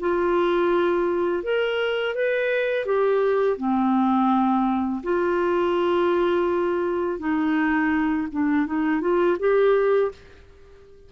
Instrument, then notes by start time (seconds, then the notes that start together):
clarinet
0.00 F4
1.43 A#4
2.15 B4
2.86 G4
3.57 C4
5.03 F4
7.19 D#4
8.32 D4
8.66 D#4
9.01 F4
9.39 G4